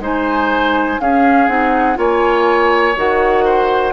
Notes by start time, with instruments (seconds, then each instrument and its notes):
0.00 bassoon G#3, clarinet D#4, oboe C5, flute G#5
1.01 bassoon C#4, clarinet C#4, oboe G#4, flute F5
1.48 bassoon C4, clarinet D#4, flute F#5
1.95 bassoon A#3, clarinet F4, oboe C#5, flute G#5
2.97 bassoon D#3, clarinet F#4, flute F#5
3.45 oboe C5